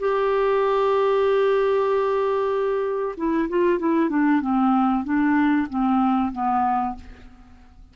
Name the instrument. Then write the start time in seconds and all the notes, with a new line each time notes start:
clarinet
0.00 G4
3.18 E4
3.49 F4
3.80 E4
4.10 D4
4.41 C4
5.04 D4
5.70 C4
6.32 B3